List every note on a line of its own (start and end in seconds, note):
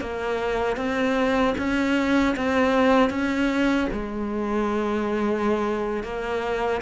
0.00 0.76 A#3
0.76 1.54 C4
1.57 2.35 C#4
2.36 3.10 C4
3.10 3.87 C#4
3.92 6.03 G#3
6.03 6.81 A#3